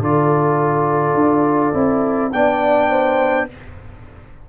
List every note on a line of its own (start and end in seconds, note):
0.00 1.14 D3
0.00 1.74 F4
0.00 2.31 A4
0.00 2.32 D5
1.14 1.72 D4
1.74 2.32 C4
1.74 2.31 E4
2.32 3.48 B3
2.32 3.49 D4
2.32 2.90 D5
2.32 3.48 G5
2.90 3.48 C5